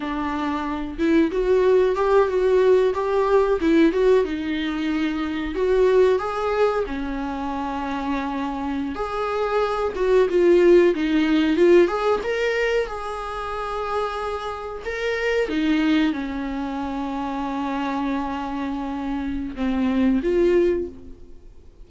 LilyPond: \new Staff \with { instrumentName = "viola" } { \time 4/4 \tempo 4 = 92 d'4. e'8 fis'4 g'8 fis'8~ | fis'8 g'4 e'8 fis'8 dis'4.~ | dis'8 fis'4 gis'4 cis'4.~ | cis'4.~ cis'16 gis'4. fis'8 f'16~ |
f'8. dis'4 f'8 gis'8 ais'4 gis'16~ | gis'2~ gis'8. ais'4 dis'16~ | dis'8. cis'2.~ cis'16~ | cis'2 c'4 f'4 | }